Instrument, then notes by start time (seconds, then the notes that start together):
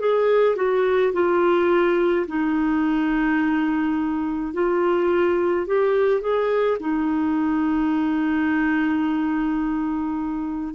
clarinet
0.00 G#4
0.56 F#4
1.13 F4
2.27 D#4
4.53 F4
5.67 G4
6.21 G#4
6.80 D#4